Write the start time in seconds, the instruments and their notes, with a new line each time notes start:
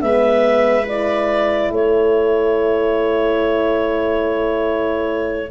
0.00 tuba G#3, horn B3, viola B4, clarinet E5
0.85 horn E4, clarinet D5
1.71 tuba A3, viola A4, clarinet C#5